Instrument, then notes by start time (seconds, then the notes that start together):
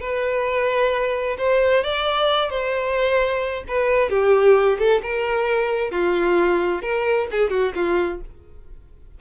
violin
0.00 B4
1.38 C5
1.83 D5
2.50 C5
3.68 B4
4.10 G4
4.79 A4
5.02 A#4
5.91 F4
6.82 A#4
7.31 G#4
7.50 F#4
7.75 F4